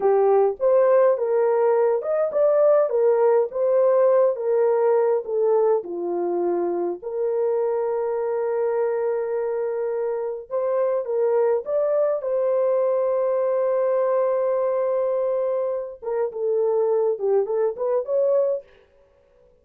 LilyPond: \new Staff \with { instrumentName = "horn" } { \time 4/4 \tempo 4 = 103 g'4 c''4 ais'4. dis''8 | d''4 ais'4 c''4. ais'8~ | ais'4 a'4 f'2 | ais'1~ |
ais'2 c''4 ais'4 | d''4 c''2.~ | c''2.~ c''8 ais'8 | a'4. g'8 a'8 b'8 cis''4 | }